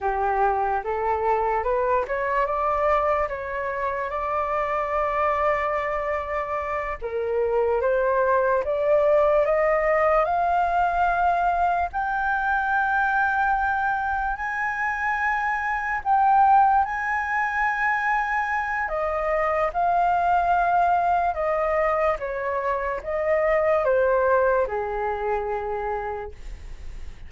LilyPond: \new Staff \with { instrumentName = "flute" } { \time 4/4 \tempo 4 = 73 g'4 a'4 b'8 cis''8 d''4 | cis''4 d''2.~ | d''8 ais'4 c''4 d''4 dis''8~ | dis''8 f''2 g''4.~ |
g''4. gis''2 g''8~ | g''8 gis''2~ gis''8 dis''4 | f''2 dis''4 cis''4 | dis''4 c''4 gis'2 | }